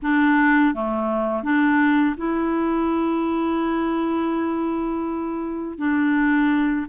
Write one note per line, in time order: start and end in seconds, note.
0.02 0.74 D4
0.74 1.43 A3
1.43 2.15 D4
2.17 5.78 E4
5.78 6.86 D4